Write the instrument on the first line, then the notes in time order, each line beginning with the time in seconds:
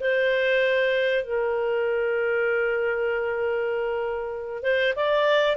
clarinet
0.00 C5
1.24 A#4
4.63 C5
4.96 D5